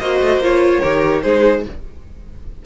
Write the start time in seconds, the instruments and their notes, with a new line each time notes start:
0.00 cello A#3, viola F#4, violin C5 D#5
0.21 cello A3
0.38 cello A#3, viola F4
0.44 violin C#5
0.81 cello D#3, viola G4, violin A#4
1.22 cello G#3, viola D#4, violin G#4 C5